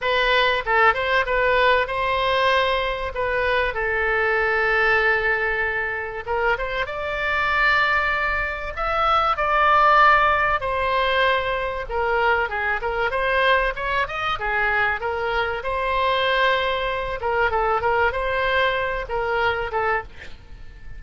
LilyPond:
\new Staff \with { instrumentName = "oboe" } { \time 4/4 \tempo 4 = 96 b'4 a'8 c''8 b'4 c''4~ | c''4 b'4 a'2~ | a'2 ais'8 c''8 d''4~ | d''2 e''4 d''4~ |
d''4 c''2 ais'4 | gis'8 ais'8 c''4 cis''8 dis''8 gis'4 | ais'4 c''2~ c''8 ais'8 | a'8 ais'8 c''4. ais'4 a'8 | }